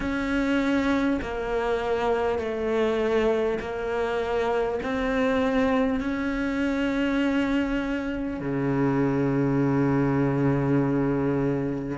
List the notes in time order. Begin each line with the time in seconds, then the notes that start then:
0.00 C#4
1.22 A#3
2.38 A3
3.59 A#3
4.82 C4
6.00 C#4
8.40 C#3